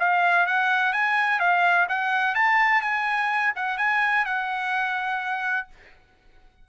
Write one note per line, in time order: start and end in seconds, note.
0.00 0.47 F5
0.47 0.93 F#5
0.93 1.40 G#5
1.40 1.87 F5
1.89 2.35 F#5
2.35 2.82 A5
2.82 3.53 G#5
3.56 3.78 F#5
3.78 4.25 G#5
4.26 5.68 F#5